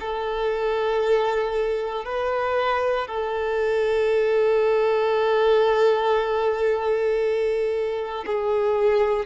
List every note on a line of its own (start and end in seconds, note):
0.00 2.05 A4
2.05 3.08 B4
3.08 8.25 A4
8.26 9.26 G#4